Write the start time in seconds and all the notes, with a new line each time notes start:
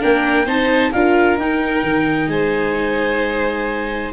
0.00 A#3 D4 A#4 G5
0.46 C4 D#4 C5 A5
0.92 D4 F4 A#4 F5
1.38 D#4 G5
1.83 D#3
2.28 G#3 C5 G#5